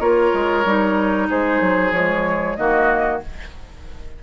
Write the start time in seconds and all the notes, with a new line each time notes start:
0.00 A#3 F4 A#4 C#5
0.34 G#3
0.66 G3 D#4
1.30 G#3 G#4 C5
1.61 F#3
1.92 F3 G#3 C#5
2.56 D#3 A#3 F#4 D#5